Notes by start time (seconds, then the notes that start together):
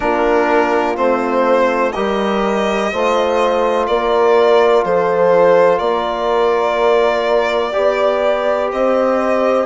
0.00 A#3 D4 F4 A#4
0.96 A3 C4 C5
1.92 G3 G4 A#4 D#5
2.92 A3 F4 C5
3.87 A#3 A#4 D5
4.84 F3 A4 C5
5.78 A#3 A#4 D5
7.72 B3 G4 D5
8.71 C4 C5 D#5